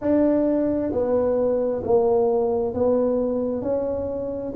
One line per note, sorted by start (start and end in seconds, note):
0.01 0.91 D4
0.91 1.82 B3
1.84 2.74 A#3
2.74 3.62 B3
3.62 4.52 C#4